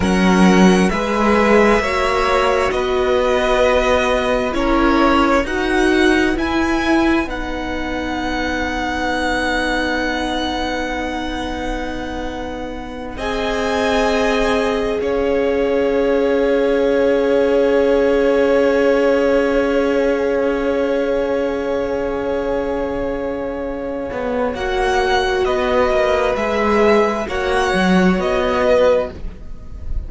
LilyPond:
<<
  \new Staff \with { instrumentName = "violin" } { \time 4/4 \tempo 4 = 66 fis''4 e''2 dis''4~ | dis''4 cis''4 fis''4 gis''4 | fis''1~ | fis''2~ fis''8 gis''4.~ |
gis''8 f''2.~ f''8~ | f''1~ | f''2. fis''4 | dis''4 e''4 fis''4 dis''4 | }
  \new Staff \with { instrumentName = "violin" } { \time 4/4 ais'4 b'4 cis''4 b'4~ | b'4 ais'4 b'2~ | b'1~ | b'2~ b'8 dis''4.~ |
dis''8 cis''2.~ cis''8~ | cis''1~ | cis''1 | b'2 cis''4. b'8 | }
  \new Staff \with { instrumentName = "viola" } { \time 4/4 cis'4 gis'4 fis'2~ | fis'4 e'4 fis'4 e'4 | dis'1~ | dis'2~ dis'8 gis'4.~ |
gis'1~ | gis'1~ | gis'2. fis'4~ | fis'4 gis'4 fis'2 | }
  \new Staff \with { instrumentName = "cello" } { \time 4/4 fis4 gis4 ais4 b4~ | b4 cis'4 dis'4 e'4 | b1~ | b2~ b8 c'4.~ |
c'8 cis'2.~ cis'8~ | cis'1~ | cis'2~ cis'8 b8 ais4 | b8 ais8 gis4 ais8 fis8 b4 | }
>>